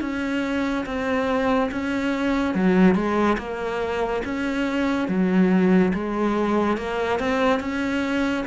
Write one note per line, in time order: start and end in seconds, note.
0.00 0.85 C#4
0.86 1.70 C4
1.71 2.54 C#4
2.54 2.95 F#3
2.95 3.37 G#3
3.38 4.22 A#3
4.24 5.08 C#4
5.08 5.92 F#3
5.93 6.77 G#3
6.77 7.19 A#3
7.19 7.59 C4
7.59 8.44 C#4